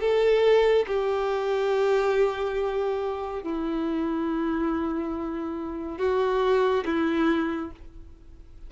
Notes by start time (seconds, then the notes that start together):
0.00 A4
0.87 G4
3.43 E4
5.98 F#4
6.85 E4